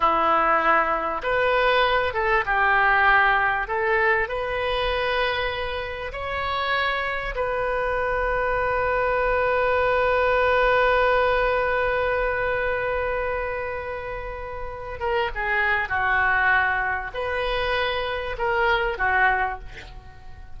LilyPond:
\new Staff \with { instrumentName = "oboe" } { \time 4/4 \tempo 4 = 98 e'2 b'4. a'8 | g'2 a'4 b'4~ | b'2 cis''2 | b'1~ |
b'1~ | b'1~ | b'8 ais'8 gis'4 fis'2 | b'2 ais'4 fis'4 | }